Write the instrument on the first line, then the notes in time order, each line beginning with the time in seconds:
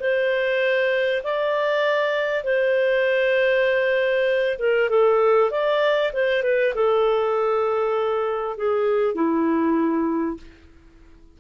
clarinet
0.00 C5
1.24 D5
2.44 C5
4.59 A#4
4.90 A4
5.51 D5
6.13 C5
6.43 B4
6.75 A4
8.57 G#4
9.15 E4